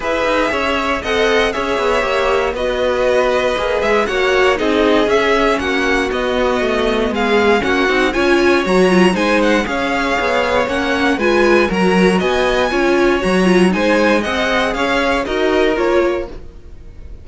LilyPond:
<<
  \new Staff \with { instrumentName = "violin" } { \time 4/4 \tempo 4 = 118 e''2 fis''4 e''4~ | e''4 dis''2~ dis''8 e''8 | fis''4 dis''4 e''4 fis''4 | dis''2 f''4 fis''4 |
gis''4 ais''4 gis''8 fis''8 f''4~ | f''4 fis''4 gis''4 ais''4 | gis''2 ais''4 gis''4 | fis''4 f''4 dis''4 cis''4 | }
  \new Staff \with { instrumentName = "violin" } { \time 4/4 b'4 cis''4 dis''4 cis''4~ | cis''4 b'2. | cis''4 gis'2 fis'4~ | fis'2 gis'4 fis'4 |
cis''2 c''4 cis''4~ | cis''2 b'4 ais'4 | dis''4 cis''2 c''4 | dis''4 cis''4 ais'2 | }
  \new Staff \with { instrumentName = "viola" } { \time 4/4 gis'2 a'4 gis'4 | g'4 fis'2 gis'4 | fis'4 dis'4 cis'2 | b2. cis'8 dis'8 |
f'4 fis'8 f'8 dis'4 gis'4~ | gis'4 cis'4 f'4 fis'4~ | fis'4 f'4 fis'8 f'8 dis'4 | gis'2 fis'4 f'4 | }
  \new Staff \with { instrumentName = "cello" } { \time 4/4 e'8 dis'8 cis'4 c'4 cis'8 b8 | ais4 b2 ais8 gis8 | ais4 c'4 cis'4 ais4 | b4 a4 gis4 ais8 c'8 |
cis'4 fis4 gis4 cis'4 | b4 ais4 gis4 fis4 | b4 cis'4 fis4 gis4 | c'4 cis'4 dis'4 ais4 | }
>>